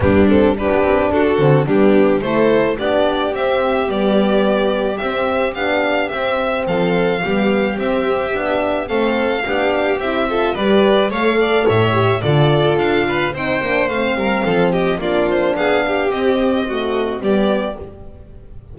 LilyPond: <<
  \new Staff \with { instrumentName = "violin" } { \time 4/4 \tempo 4 = 108 g'8 a'8 b'4 a'4 g'4 | c''4 d''4 e''4 d''4~ | d''4 e''4 f''4 e''4 | f''2 e''2 |
f''2 e''4 d''4 | f''4 e''4 d''4 f''4 | g''4 f''4. dis''8 d''8 c''8 | f''4 dis''2 d''4 | }
  \new Staff \with { instrumentName = "violin" } { \time 4/4 d'4 g'4 fis'4 d'4 | a'4 g'2.~ | g'1 | a'4 g'2. |
a'4 g'4. a'8 b'4 | cis''8 d''8 cis''4 a'4. b'8 | c''4. ais'8 a'8 g'8 f'4 | gis'8 g'4. fis'4 g'4 | }
  \new Staff \with { instrumentName = "horn" } { \time 4/4 b8 c'8 d'4. c'8 b4 | e'4 d'4 c'4 b4~ | b4 c'4 d'4 c'4~ | c'4 b4 c'4 d'4 |
c'4 d'4 e'8 f'8 g'4 | a'4. g'8 f'2 | dis'8 d'8 c'2 d'4~ | d'4 c'4 a4 b4 | }
  \new Staff \with { instrumentName = "double bass" } { \time 4/4 g4~ g16 b16 c'8 d'8 d8 g4 | a4 b4 c'4 g4~ | g4 c'4 b4 c'4 | f4 g4 c'4 b4 |
a4 b4 c'4 g4 | a4 a,4 d4 d'4 | c'8 ais8 a8 g8 f4 ais4 | b4 c'2 g4 | }
>>